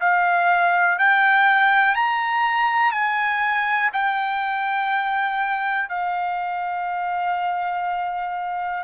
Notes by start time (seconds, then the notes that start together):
0.00 F5
0.98 G5
1.95 A#5
2.92 G#5
3.93 G5
5.89 F5